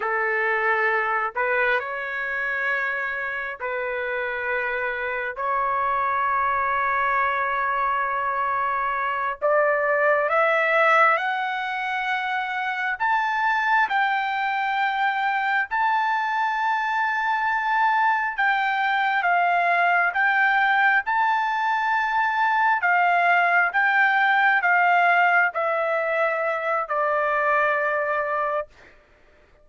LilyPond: \new Staff \with { instrumentName = "trumpet" } { \time 4/4 \tempo 4 = 67 a'4. b'8 cis''2 | b'2 cis''2~ | cis''2~ cis''8 d''4 e''8~ | e''8 fis''2 a''4 g''8~ |
g''4. a''2~ a''8~ | a''8 g''4 f''4 g''4 a''8~ | a''4. f''4 g''4 f''8~ | f''8 e''4. d''2 | }